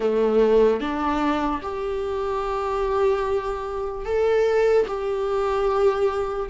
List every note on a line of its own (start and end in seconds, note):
0.00 0.80 A3
0.80 1.61 D4
1.62 4.05 G4
4.05 4.86 A4
4.86 6.49 G4